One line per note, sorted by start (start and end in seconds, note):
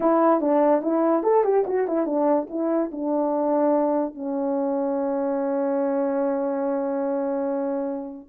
0.00 0.40 E4
0.40 0.82 D4
0.82 1.23 E4
1.23 1.44 A4
1.44 1.64 G4
1.66 1.87 F#4
1.87 2.06 E4
2.06 2.47 D4
2.49 2.90 E4
2.91 4.14 D4
4.14 8.28 C#4